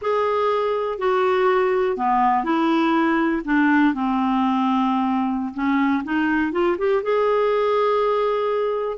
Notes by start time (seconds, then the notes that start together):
0.01 G#4
0.98 F#4
1.96 B3
2.43 E4
3.44 D4
3.93 C4
5.54 C#4
6.04 D#4
6.52 F4
6.78 G4
7.02 G#4